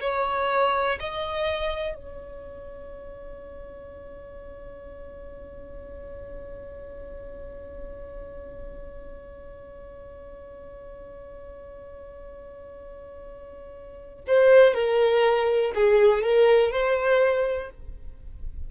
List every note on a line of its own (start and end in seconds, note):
0.00 0.98 C#5
1.00 1.94 D#5
1.94 14.24 C#5
14.27 14.74 C5
14.74 15.72 A#4
15.74 16.23 G#4
16.23 16.71 A#4
16.71 17.70 C5